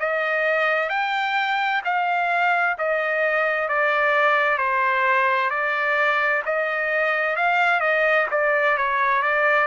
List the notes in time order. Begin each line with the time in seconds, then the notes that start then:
0.00 D#5
0.90 G5
1.85 F5
2.79 D#5
3.69 D5
4.58 C5
5.50 D5
6.46 D#5
7.37 F5
7.81 D#5
8.32 D5
8.78 C#5
9.22 D5